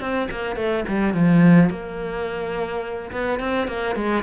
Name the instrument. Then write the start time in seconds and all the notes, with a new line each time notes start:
cello
0.00 C4
0.31 A#3
0.56 A3
0.88 G3
1.14 F3
1.70 A#3
3.12 B3
3.40 C4
3.68 A#3
3.95 G#3